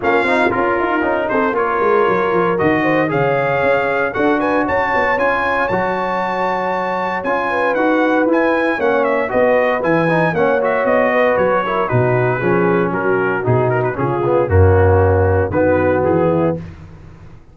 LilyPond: <<
  \new Staff \with { instrumentName = "trumpet" } { \time 4/4 \tempo 4 = 116 f''4 ais'4. c''8 cis''4~ | cis''4 dis''4 f''2 | fis''8 gis''8 a''4 gis''4 a''4~ | a''2 gis''4 fis''4 |
gis''4 fis''8 e''8 dis''4 gis''4 | fis''8 e''8 dis''4 cis''4 b'4~ | b'4 ais'4 gis'8 ais'16 b'16 gis'4 | fis'2 b'4 gis'4 | }
  \new Staff \with { instrumentName = "horn" } { \time 4/4 f'2~ f'8 a'8 ais'4~ | ais'4. c''8 cis''2 | a'8 b'8 cis''2.~ | cis''2~ cis''8 b'4.~ |
b'4 cis''4 b'2 | cis''4. b'4 ais'8 fis'4 | gis'4 fis'2 f'4 | cis'2 fis'4. e'8 | }
  \new Staff \with { instrumentName = "trombone" } { \time 4/4 cis'8 dis'8 f'4 dis'4 f'4~ | f'4 fis'4 gis'2 | fis'2 f'4 fis'4~ | fis'2 f'4 fis'4 |
e'4 cis'4 fis'4 e'8 dis'8 | cis'8 fis'2 e'8 dis'4 | cis'2 dis'4 cis'8 b8 | ais2 b2 | }
  \new Staff \with { instrumentName = "tuba" } { \time 4/4 ais8 c'8 cis'8 dis'8 cis'8 c'8 ais8 gis8 | fis8 f8 dis4 cis4 cis'4 | d'4 cis'8 b8 cis'4 fis4~ | fis2 cis'4 dis'4 |
e'4 ais4 b4 e4 | ais4 b4 fis4 b,4 | f4 fis4 b,4 cis4 | fis,2 dis4 e4 | }
>>